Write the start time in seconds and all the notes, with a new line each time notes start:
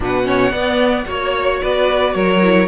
0.00 B2 D4 B4 F#5
0.24 C#4 C#5
0.51 B3 D5
1.05 A#3 F#4 C#5
1.62 B3 B4 D5
2.14 F#3 A#4 C#5
2.42 E4